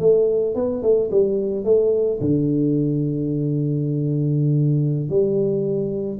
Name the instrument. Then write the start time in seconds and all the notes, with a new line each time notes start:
tuba
0.00 A3
0.55 B3
0.83 A3
1.11 G3
1.65 A3
2.21 D3
5.10 G3